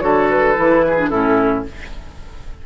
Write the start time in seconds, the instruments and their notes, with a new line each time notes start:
0.00 bassoon D3, clarinet F#4, oboe A4, flute C#5
0.30 flute B4
0.55 bassoon E3, clarinet E4
0.87 oboe G#4
0.97 clarinet D4
1.09 bassoon A2, clarinet C#4, oboe E4, flute A4